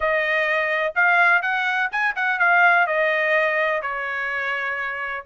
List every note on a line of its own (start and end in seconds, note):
0.00 0.93 D#5
0.95 1.42 F5
1.42 1.89 F#5
1.91 2.15 G#5
2.15 2.39 F#5
2.39 2.86 F5
2.86 3.81 D#5
3.81 5.24 C#5